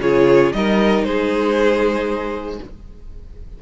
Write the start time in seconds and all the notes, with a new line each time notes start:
0.00 C#3 F4 G#4 C#5
0.53 G3 D#4 A#4 D#5
1.04 G#3 G#4 C5